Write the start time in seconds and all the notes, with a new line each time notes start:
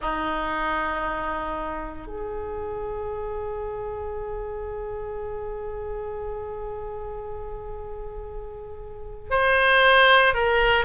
0.01 D#4
2.06 G#4
9.30 C5
10.34 A#4